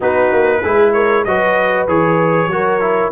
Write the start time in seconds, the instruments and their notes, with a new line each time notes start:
0.00 tuba B3, trombone D#4, horn F#4, trumpet B4
0.32 tuba A#3
0.62 tuba G#3, trombone E4, horn G#4
0.92 horn A#4, trumpet C#5
1.24 tuba F#3, trombone F#4, horn B4, trumpet D#5
1.88 tuba E3, trombone G#4, trumpet C#5
2.46 tuba F#3, trombone F#4, horn A#4
2.80 trombone E4